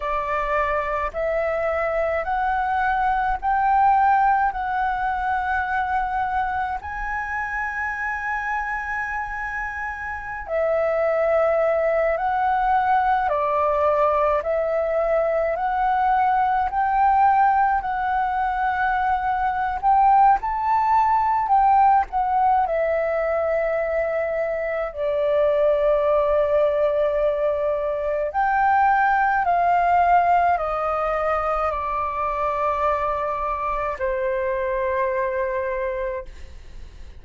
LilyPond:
\new Staff \with { instrumentName = "flute" } { \time 4/4 \tempo 4 = 53 d''4 e''4 fis''4 g''4 | fis''2 gis''2~ | gis''4~ gis''16 e''4. fis''4 d''16~ | d''8. e''4 fis''4 g''4 fis''16~ |
fis''4. g''8 a''4 g''8 fis''8 | e''2 d''2~ | d''4 g''4 f''4 dis''4 | d''2 c''2 | }